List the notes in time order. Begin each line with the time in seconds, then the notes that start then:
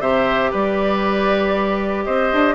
0.00 C3 G4 C5 E5
0.51 G3 B4 D5
2.05 C4 C5 D#5
2.33 D4